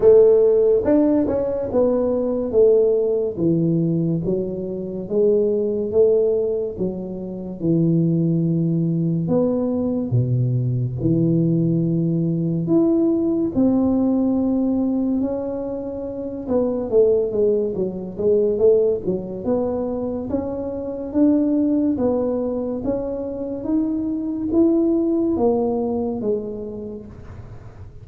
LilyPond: \new Staff \with { instrumentName = "tuba" } { \time 4/4 \tempo 4 = 71 a4 d'8 cis'8 b4 a4 | e4 fis4 gis4 a4 | fis4 e2 b4 | b,4 e2 e'4 |
c'2 cis'4. b8 | a8 gis8 fis8 gis8 a8 fis8 b4 | cis'4 d'4 b4 cis'4 | dis'4 e'4 ais4 gis4 | }